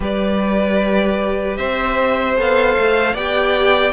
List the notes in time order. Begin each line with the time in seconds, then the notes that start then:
0.00 G3 G4 B4 D5
1.57 C4 C5 E5
2.36 B3 A4 F5
2.78 A3
3.13 B3 G4 D5 G5